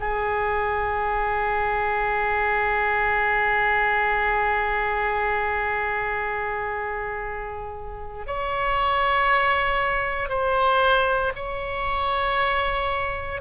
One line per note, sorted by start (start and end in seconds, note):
0.00 8.27 G#4
8.27 10.29 C#5
10.29 11.33 C5
11.36 13.42 C#5